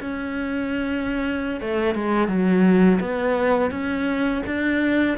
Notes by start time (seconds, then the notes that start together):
0.00 C#4
1.60 A3
1.94 G#3
2.28 F#3
3.00 B3
3.70 C#4
4.46 D4